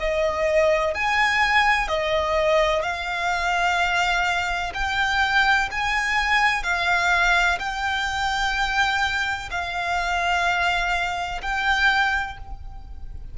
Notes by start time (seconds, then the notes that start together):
0.00 D#5
0.95 G#5
1.88 D#5
2.83 F5
4.74 G5
5.72 G#5
6.64 F5
7.59 G5
9.51 F5
11.42 G5